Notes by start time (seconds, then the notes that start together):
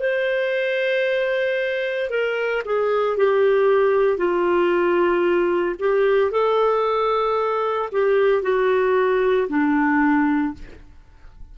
0.00 C5
2.10 A#4
2.66 G#4
3.17 G4
4.18 F4
5.79 G4
6.32 A4
7.92 G4
8.43 F#4
9.49 D4